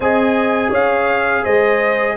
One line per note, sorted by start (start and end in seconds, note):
0.00 0.70 C4
0.00 2.16 G#4
0.00 0.70 D#5
0.00 0.72 G#5
0.70 1.43 C#4
0.70 1.42 C#5
0.70 1.44 F5
1.43 2.16 G#3
1.43 2.15 C5
1.43 2.16 D#5